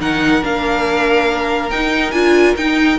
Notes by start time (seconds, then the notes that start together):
0.00 D#3 D#4 A#4 F#5
0.42 A#3 D4 F5
1.70 D#4 G5
2.12 D4 F4 G#5
2.56 D#4 G5